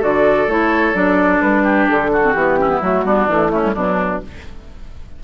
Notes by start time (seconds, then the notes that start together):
0.00 D3 F#4 A4 D5
0.47 A3 E4 C#5
0.94 F#3 D4 D5
1.42 G3 B4
1.64 G4
1.90 D3 A4
2.13 F#4
2.23 C4
2.33 E3 B3 G4
2.60 C#4 E4
2.70 B3
2.81 F#3 A3 F#4
3.05 G3 B3 D4
3.26 E3 A3 E4
3.50 A3 C#4
3.64 G3
3.74 B2 F#3 D4